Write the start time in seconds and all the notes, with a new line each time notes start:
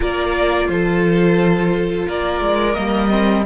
0.00 A#3 F4 A#4 D5
0.68 F3 A4 C5
2.07 A#3 A#4 D5
2.40 G#3
2.73 G3 A#3 D#5
3.09 C4